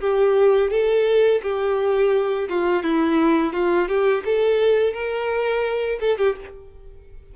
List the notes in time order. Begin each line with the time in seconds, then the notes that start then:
0.00 G4
0.70 A4
1.42 G4
2.49 F4
2.83 E4
3.53 F4
3.88 G4
4.24 A4
4.93 A#4
6.00 A4
6.18 G4